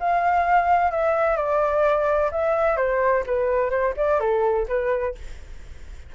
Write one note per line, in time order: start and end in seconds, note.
0.00 0.91 F5
0.91 1.37 E5
1.37 2.31 D5
2.32 2.77 E5
2.77 3.23 C5
3.26 3.70 B4
3.70 3.94 C5
3.97 4.20 D5
4.20 4.67 A4
4.68 5.15 B4